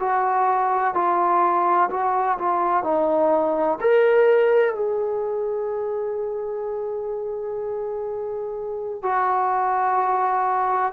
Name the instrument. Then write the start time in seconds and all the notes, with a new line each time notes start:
trombone
0.00 F#4
0.94 F4
1.90 F#4
2.39 F4
2.84 D#4
3.81 A#4
4.75 G#4
9.03 F#4